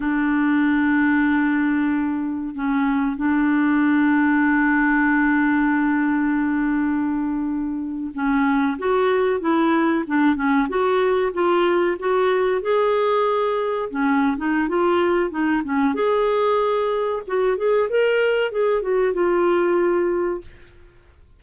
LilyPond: \new Staff \with { instrumentName = "clarinet" } { \time 4/4 \tempo 4 = 94 d'1 | cis'4 d'2.~ | d'1~ | d'8. cis'4 fis'4 e'4 d'16~ |
d'16 cis'8 fis'4 f'4 fis'4 gis'16~ | gis'4.~ gis'16 cis'8. dis'8 f'4 | dis'8 cis'8 gis'2 fis'8 gis'8 | ais'4 gis'8 fis'8 f'2 | }